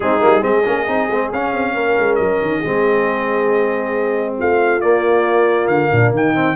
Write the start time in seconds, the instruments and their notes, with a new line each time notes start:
0.00 tuba G#3, trombone C4, horn D#4, trumpet G#4
0.19 tuba G3, trombone A#3
0.40 tuba G#3, trombone C4, horn G#4, trumpet D#5
0.65 tuba A#3, trombone C#4
0.86 tuba C4, trombone D#4
1.10 tuba G#3, trombone C4
1.32 tuba C#4, trombone C#4, trumpet F5
1.52 tuba C4
1.74 tuba A#3, horn A#4
1.98 tuba G#3
2.15 tuba F#3, trumpet D#5
2.41 tuba D#3
2.59 tuba G#3, trombone C4, horn G#4
4.38 tuba A3, horn F4, trumpet F5
4.80 trombone A#3, tuba A#3, trumpet D5
5.67 tuba D3, trumpet F5
5.91 tuba A#2, horn D4
6.11 tuba D#3, horn D#4, trumpet G5
6.34 trombone C4